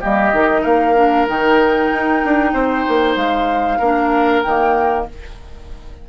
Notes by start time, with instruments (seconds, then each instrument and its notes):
0.00 bassoon G3, clarinet A#3, oboe G4, flute D#5
0.32 bassoon D#3, clarinet D#4
0.61 bassoon A#3, oboe A#4, flute F5
0.95 clarinet D4
1.26 bassoon D#3, clarinet D#4, flute G5
1.91 bassoon D#4
2.24 bassoon D4
2.53 bassoon C4, oboe C5
2.88 bassoon A#3
3.15 bassoon G#3, flute F5
3.78 bassoon A#3, clarinet D4, oboe A#4
4.41 bassoon D#3, clarinet A#3, flute G5